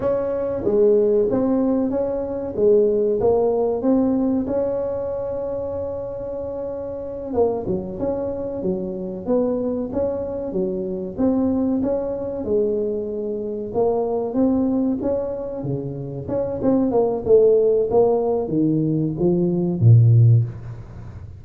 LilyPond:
\new Staff \with { instrumentName = "tuba" } { \time 4/4 \tempo 4 = 94 cis'4 gis4 c'4 cis'4 | gis4 ais4 c'4 cis'4~ | cis'2.~ cis'8 ais8 | fis8 cis'4 fis4 b4 cis'8~ |
cis'8 fis4 c'4 cis'4 gis8~ | gis4. ais4 c'4 cis'8~ | cis'8 cis4 cis'8 c'8 ais8 a4 | ais4 dis4 f4 ais,4 | }